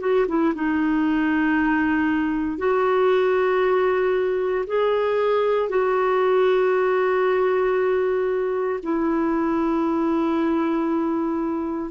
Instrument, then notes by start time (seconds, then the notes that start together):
clarinet
0.00 F#4
0.28 E4
0.55 D#4
2.58 F#4
4.67 G#4
5.69 F#4
8.83 E4